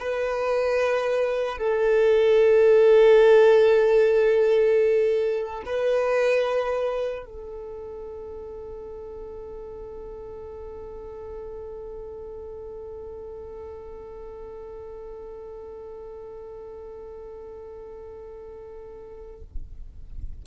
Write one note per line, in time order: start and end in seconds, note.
0.00 1.58 B4
1.58 5.64 A4
5.66 7.26 B4
7.26 19.42 A4